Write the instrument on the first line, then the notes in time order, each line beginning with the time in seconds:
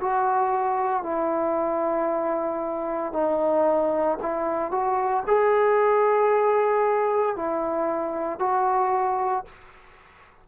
trombone
0.00 F#4
1.02 E4
3.12 D#4
4.22 E4
4.71 F#4
5.26 G#4
7.35 E4
8.39 F#4